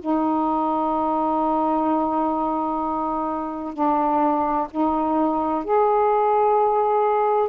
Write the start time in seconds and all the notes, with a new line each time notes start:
0.00 D#4
3.74 D4
4.71 D#4
5.64 G#4